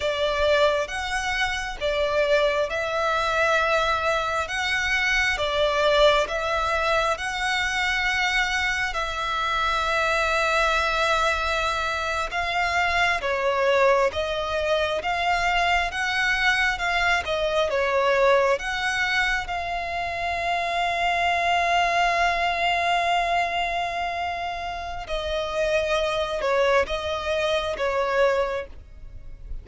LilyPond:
\new Staff \with { instrumentName = "violin" } { \time 4/4 \tempo 4 = 67 d''4 fis''4 d''4 e''4~ | e''4 fis''4 d''4 e''4 | fis''2 e''2~ | e''4.~ e''16 f''4 cis''4 dis''16~ |
dis''8. f''4 fis''4 f''8 dis''8 cis''16~ | cis''8. fis''4 f''2~ f''16~ | f''1 | dis''4. cis''8 dis''4 cis''4 | }